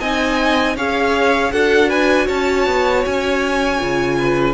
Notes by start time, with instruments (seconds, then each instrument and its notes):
0.00 cello C4, viola D#4, violin D#5 G#5
0.76 cello C#4, viola G#4, violin C#5 F5
1.52 cello D4, viola F#4, violin A4 F#5
1.89 violin B4 G#5
2.26 cello C#4, violin C#5 A5
2.67 cello B3
3.05 cello C#4, violin G#5
3.78 cello C#3, viola F4
4.18 violin B4